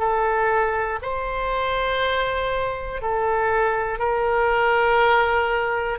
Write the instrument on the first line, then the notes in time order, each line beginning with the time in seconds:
oboe
0.00 A4
1.02 C5
3.02 A4
3.99 A#4